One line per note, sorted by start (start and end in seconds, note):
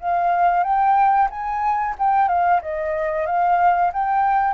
0.00 0.63 F5
0.63 1.29 G5
1.30 1.95 G#5
1.99 2.28 G5
2.28 2.61 F5
2.62 3.26 D#5
3.26 3.91 F5
3.93 4.54 G5